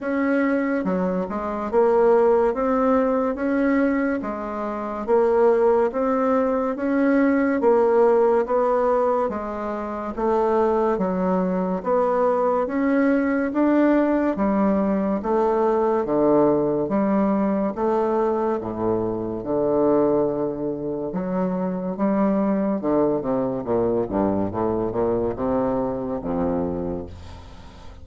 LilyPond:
\new Staff \with { instrumentName = "bassoon" } { \time 4/4 \tempo 4 = 71 cis'4 fis8 gis8 ais4 c'4 | cis'4 gis4 ais4 c'4 | cis'4 ais4 b4 gis4 | a4 fis4 b4 cis'4 |
d'4 g4 a4 d4 | g4 a4 a,4 d4~ | d4 fis4 g4 d8 c8 | ais,8 g,8 a,8 ais,8 c4 f,4 | }